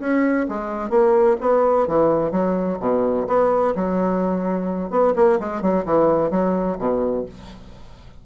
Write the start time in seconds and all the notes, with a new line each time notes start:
0.00 C#4
0.49 G#3
0.90 A#3
1.41 B3
1.88 E3
2.32 F#3
2.80 B2
3.27 B3
3.76 F#3
4.90 B3
5.16 A#3
5.40 G#3
5.62 F#3
5.86 E3
6.31 F#3
6.79 B2